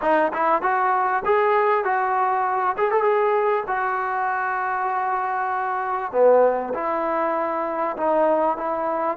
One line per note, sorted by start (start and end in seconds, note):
0.01 0.32 D#4
0.33 0.62 E4
0.62 1.23 F#4
1.25 1.84 G#4
1.84 2.76 F#4
2.77 2.91 G#4
2.91 3.03 A4
3.03 3.64 G#4
3.67 6.12 F#4
6.12 6.73 B3
6.73 7.96 E4
7.96 8.57 D#4
8.57 9.17 E4